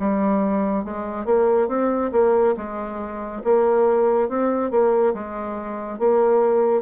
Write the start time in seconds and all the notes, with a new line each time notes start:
0.00 G3
0.85 G#3
1.26 A#3
1.69 C4
2.13 A#3
2.57 G#3
3.44 A#3
4.29 C4
4.71 A#3
5.14 G#3
5.99 A#3